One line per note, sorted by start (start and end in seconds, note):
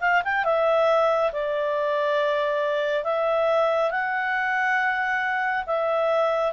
0.00 0.22 F5
0.24 0.44 G5
0.44 1.31 E5
1.32 3.04 D5
3.04 3.90 E5
3.90 5.64 F#5
5.66 6.52 E5